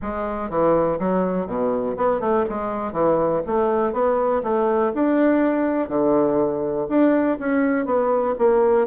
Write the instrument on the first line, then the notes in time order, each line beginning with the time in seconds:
bassoon
0.02 G#3
0.49 E3
0.99 F#3
1.46 B2
1.96 B3
2.20 A3
2.49 G#3
2.92 E3
3.46 A3
3.93 B3
4.43 A3
4.94 D4
5.88 D3
6.88 D4
7.39 C#4
7.85 B3
8.38 A#3